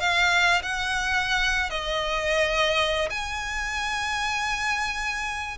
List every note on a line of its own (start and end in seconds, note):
0.00 0.62 F5
0.62 1.70 F#5
1.70 3.09 D#5
3.10 5.57 G#5